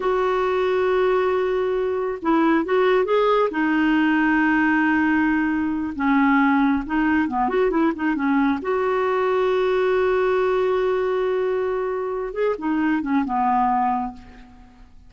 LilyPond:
\new Staff \with { instrumentName = "clarinet" } { \time 4/4 \tempo 4 = 136 fis'1~ | fis'4 e'4 fis'4 gis'4 | dis'1~ | dis'4. cis'2 dis'8~ |
dis'8 b8 fis'8 e'8 dis'8 cis'4 fis'8~ | fis'1~ | fis'1 | gis'8 dis'4 cis'8 b2 | }